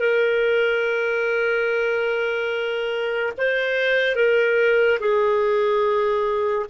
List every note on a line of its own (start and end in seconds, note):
0.00 3.33 A#4
3.38 4.16 C5
4.16 5.00 A#4
5.00 6.67 G#4